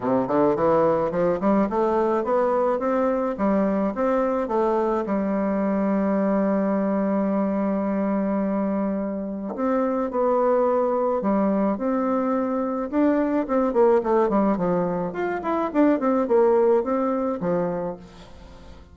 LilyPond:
\new Staff \with { instrumentName = "bassoon" } { \time 4/4 \tempo 4 = 107 c8 d8 e4 f8 g8 a4 | b4 c'4 g4 c'4 | a4 g2.~ | g1~ |
g4 c'4 b2 | g4 c'2 d'4 | c'8 ais8 a8 g8 f4 f'8 e'8 | d'8 c'8 ais4 c'4 f4 | }